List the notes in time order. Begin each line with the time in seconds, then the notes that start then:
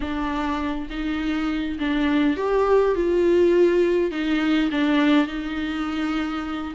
0.00 D4
0.90 D#4
1.79 D4
2.36 G4
2.95 F4
4.11 D#4
4.71 D4
5.27 D#4